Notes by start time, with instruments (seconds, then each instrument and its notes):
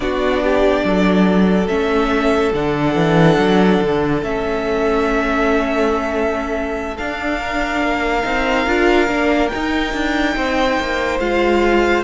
0.00 cello B3, viola D4, violin F#4 D5
0.43 violin G4
0.83 cello F#3, violin A4
1.67 cello A3, viola C#4, violin E5
2.53 cello D3, viola D4, violin F#5
2.95 cello E3
3.37 cello F#3
3.81 cello D3
4.22 cello A3, viola C#4, violin E5
6.97 viola D4, cello D4, violin F5
7.39 violin A#4
7.81 cello A#3
8.23 cello C4, viola D#4
8.66 cello D4, viola F4
9.08 cello A#3, viola D4
9.49 viola D#4, cello D#4, violin G5
9.93 cello D4
10.36 cello C4, violin C5
10.79 cello A#3
11.19 cello G#3, viola F4, violin F5